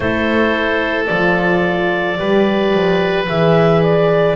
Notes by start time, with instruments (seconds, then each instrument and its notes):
0.00 double bass A3, horn E4, oboe A4, clarinet C5
1.06 double bass F3, horn F4, clarinet D5
2.17 double bass G3, horn G4, oboe B4
2.73 double bass F3
3.28 double bass E3, horn G#4, clarinet E5
3.82 clarinet D5